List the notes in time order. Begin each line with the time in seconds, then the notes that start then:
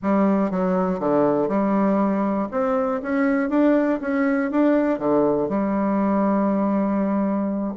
0.02 G3
0.50 F#3
0.99 D3
1.48 G3
2.51 C4
3.02 C#4
3.49 D4
4.01 C#4
4.51 D4
4.98 D3
5.48 G3